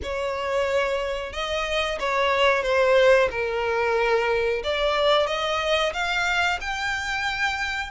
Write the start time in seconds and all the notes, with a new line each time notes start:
0.02 C#5
1.32 D#5
1.99 C#5
2.62 C5
3.30 A#4
4.63 D5
5.26 D#5
5.93 F5
6.60 G5